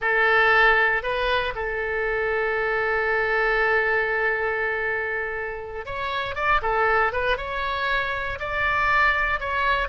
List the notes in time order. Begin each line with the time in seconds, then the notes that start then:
0.01 A4
1.02 B4
1.55 A4
5.85 C#5
6.35 D5
6.62 A4
7.12 B4
7.37 C#5
8.39 D5
9.39 C#5